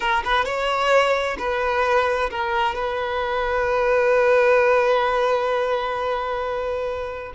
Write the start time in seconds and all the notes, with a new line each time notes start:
0.00 A#4
0.24 B4
0.45 C#5
1.38 B4
2.30 A#4
2.74 B4